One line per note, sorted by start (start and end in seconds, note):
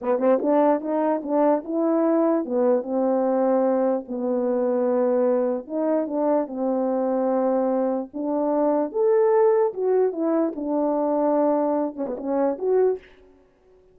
0.01 0.18 B3
0.18 0.39 C4
0.42 0.81 D4
0.81 1.21 D#4
1.23 1.63 D4
1.64 2.45 E4
2.45 2.82 B3
2.82 4.04 C4
4.07 5.67 B3
5.67 6.06 D#4
6.06 6.47 D4
6.47 8.09 C4
8.13 8.92 D4
8.92 9.73 A4
9.73 10.12 F#4
10.12 10.52 E4
10.55 11.95 D4
11.95 12.05 C#4
12.06 12.16 B3
12.17 12.57 C#4
12.58 12.98 F#4